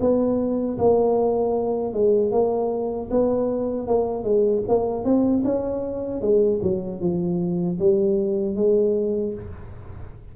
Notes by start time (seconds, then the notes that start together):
0.00 B3
0.78 A#3
1.93 G#3
2.32 A#3
3.11 B3
3.87 A#3
4.24 G#3
4.68 A#3
5.04 C4
5.44 C#4
6.21 G#3
6.63 F#3
7.01 F3
7.79 G3
8.56 G#3